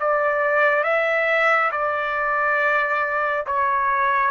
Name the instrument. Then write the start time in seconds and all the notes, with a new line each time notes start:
trumpet
0.00 D5
0.84 E5
1.72 D5
3.47 C#5